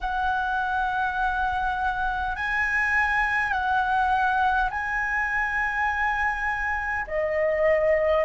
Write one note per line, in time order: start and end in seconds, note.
0.01 2.35 F#5
2.35 3.51 G#5
3.51 4.69 F#5
4.70 7.05 G#5
7.06 8.24 D#5